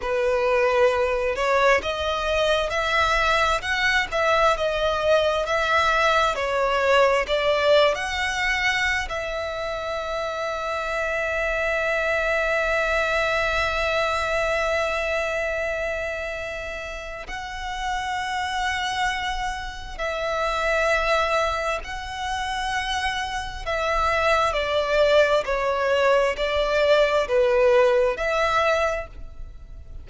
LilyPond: \new Staff \with { instrumentName = "violin" } { \time 4/4 \tempo 4 = 66 b'4. cis''8 dis''4 e''4 | fis''8 e''8 dis''4 e''4 cis''4 | d''8. fis''4~ fis''16 e''2~ | e''1~ |
e''2. fis''4~ | fis''2 e''2 | fis''2 e''4 d''4 | cis''4 d''4 b'4 e''4 | }